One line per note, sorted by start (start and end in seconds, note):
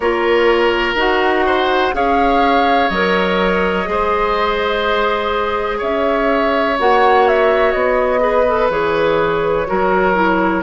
0.00 0.94 A#3
0.00 0.97 F4
0.00 1.46 A#4
0.00 0.94 C#5
0.94 1.91 D#4
0.94 1.92 F#4
0.94 1.95 F#5
1.46 1.94 C5
1.92 2.90 C#4
1.92 2.89 G#4
1.92 3.89 C#5
1.92 2.89 F5
2.89 3.86 F#3
2.89 3.85 A#4
2.89 5.79 D#5
3.85 5.81 G#3
3.85 6.75 G#4
3.85 5.77 C5
5.77 6.78 C#4
5.77 8.19 C#5
5.77 6.78 E5
6.78 7.74 A#3
6.78 8.19 F#4
6.78 7.28 F#5
7.28 7.71 E5
7.71 8.69 B3
7.71 8.68 D#5
8.19 8.43 G#4
8.19 9.67 B4
8.47 8.71 A4
8.69 9.66 E3
8.69 9.66 G#4
8.69 10.62 C#5
9.66 10.62 F#3
9.66 10.14 F#4
9.66 10.62 A#4
10.14 10.62 E4